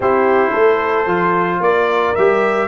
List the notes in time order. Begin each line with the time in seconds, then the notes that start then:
0.00 C4 E4 G4 C5
0.51 A3 A4
1.06 F3 F4
1.59 A#3 A#4 D5
2.15 G3 G4 E5